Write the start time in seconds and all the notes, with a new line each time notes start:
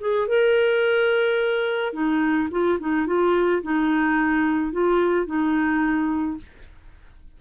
0.00 G#4
0.28 A#4
1.93 D#4
2.51 F4
2.80 D#4
3.07 F4
3.63 D#4
4.72 F4
5.26 D#4